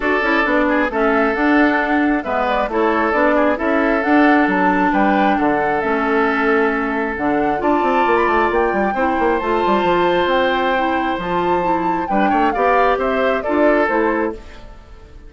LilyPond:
<<
  \new Staff \with { instrumentName = "flute" } { \time 4/4 \tempo 4 = 134 d''2 e''4 fis''4~ | fis''4 e''8 d''8 cis''4 d''4 | e''4 fis''4 a''4 g''4 | fis''4 e''2. |
fis''4 a''4~ a''16 b''16 a''8 g''4~ | g''4 a''2 g''4~ | g''4 a''2 g''4 | f''4 e''4 d''4 c''4 | }
  \new Staff \with { instrumentName = "oboe" } { \time 4/4 a'4. gis'8 a'2~ | a'4 b'4 a'4. gis'8 | a'2. b'4 | a'1~ |
a'4 d''2. | c''1~ | c''2. b'8 cis''8 | d''4 c''4 a'2 | }
  \new Staff \with { instrumentName = "clarinet" } { \time 4/4 fis'8 e'8 d'4 cis'4 d'4~ | d'4 b4 e'4 d'4 | e'4 d'2.~ | d'4 cis'2. |
d'4 f'2. | e'4 f'2. | e'4 f'4 e'4 d'4 | g'2 f'4 e'4 | }
  \new Staff \with { instrumentName = "bassoon" } { \time 4/4 d'8 cis'8 b4 a4 d'4~ | d'4 gis4 a4 b4 | cis'4 d'4 fis4 g4 | d4 a2. |
d4 d'8 c'8 ais8 a8 ais8 g8 | c'8 ais8 a8 g8 f4 c'4~ | c'4 f2 g8 a8 | b4 c'4 d'4 a4 | }
>>